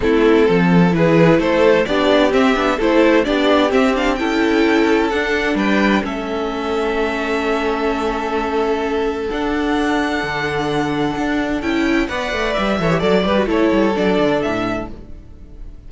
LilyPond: <<
  \new Staff \with { instrumentName = "violin" } { \time 4/4 \tempo 4 = 129 a'2 b'4 c''4 | d''4 e''4 c''4 d''4 | e''8 f''8 g''2 fis''4 | g''4 e''2.~ |
e''1 | fis''1~ | fis''4 g''4 fis''4 e''4 | d''8 b'8 cis''4 d''4 e''4 | }
  \new Staff \with { instrumentName = "violin" } { \time 4/4 e'4 a'4 gis'4 a'4 | g'2 a'4 g'4~ | g'4 a'2. | b'4 a'2.~ |
a'1~ | a'1~ | a'2 d''4. cis''8 | d''4 a'2. | }
  \new Staff \with { instrumentName = "viola" } { \time 4/4 c'2 e'2 | d'4 c'8 d'8 e'4 d'4 | c'8 d'8 e'2 d'4~ | d'4 cis'2.~ |
cis'1 | d'1~ | d'4 e'4 b'4. a'16 g'16 | a'8 g'16 fis'16 e'4 d'2 | }
  \new Staff \with { instrumentName = "cello" } { \time 4/4 a4 f4 e4 a4 | b4 c'8 b8 a4 b4 | c'4 cis'2 d'4 | g4 a2.~ |
a1 | d'2 d2 | d'4 cis'4 b8 a8 g8 e8 | fis8 g8 a8 g8 fis8 d8 a,4 | }
>>